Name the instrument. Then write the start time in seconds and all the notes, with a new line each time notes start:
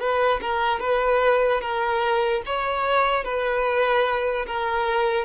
violin
0.00 B4
0.42 A#4
0.80 B4
1.61 A#4
2.46 C#5
3.25 B4
4.47 A#4